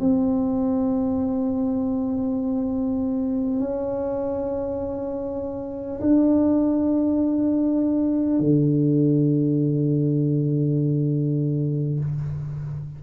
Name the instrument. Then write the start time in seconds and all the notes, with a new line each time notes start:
tuba
0.00 C4
3.60 C#4
6.01 D4
8.39 D3